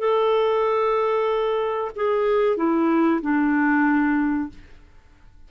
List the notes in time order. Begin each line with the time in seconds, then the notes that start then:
0.00 A4
1.96 G#4
2.57 E4
3.22 D4